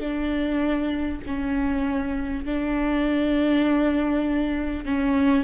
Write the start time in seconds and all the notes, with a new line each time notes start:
0.00 D4
1.27 C#4
2.45 D4
4.86 C#4